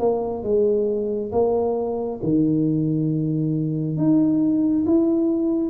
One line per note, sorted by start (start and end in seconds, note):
0.00 0.43 A#3
0.43 1.32 G#3
1.32 2.21 A#3
2.24 3.97 D#3
3.97 4.86 D#4
4.86 5.70 E4